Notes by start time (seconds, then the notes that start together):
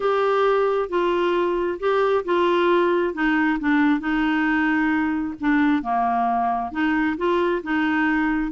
0.00 G4
0.89 F4
1.79 G4
2.24 F4
3.14 D#4
3.59 D4
4.00 D#4
5.40 D4
5.82 A#3
6.71 D#4
7.17 F4
7.63 D#4